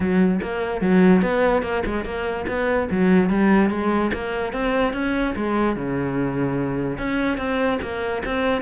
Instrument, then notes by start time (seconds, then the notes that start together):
cello
0.00 F#3
0.41 A#3
0.81 F#3
1.21 B3
1.62 A#3
1.85 G#3
2.04 A#3
2.47 B3
2.90 F#3
3.29 G3
3.70 G#3
4.13 A#3
4.52 C4
4.93 C#4
5.35 G#3
5.76 C#3
6.98 C#4
7.37 C4
7.81 A#3
8.25 C4